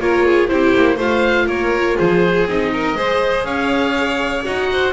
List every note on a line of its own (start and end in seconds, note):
0.00 0.50 A#3
0.00 0.48 F4
0.00 0.26 A#4
0.00 0.48 C#5
0.26 0.51 G#4
0.48 0.75 C4
0.48 0.98 E4
0.48 0.96 G4
0.48 0.98 C5
0.77 0.98 A#3
0.96 1.47 A3
0.96 2.47 F4
0.96 1.46 C5
0.96 1.49 F5
1.47 1.96 A#3
1.47 1.97 A#4
1.47 1.98 C#5
1.97 2.47 F3
1.97 2.72 G#4
1.97 2.48 C5
2.47 2.95 C4
2.47 2.96 D#4
2.47 3.45 D#5
2.73 2.97 A#4
2.95 3.45 G#3
2.95 4.44 G#4
2.95 3.46 C5
3.45 4.44 C#4
3.45 4.70 C#5
3.45 4.45 F5
4.44 4.94 D#4
4.44 4.94 F#4
4.44 4.94 F#5
4.72 4.94 C5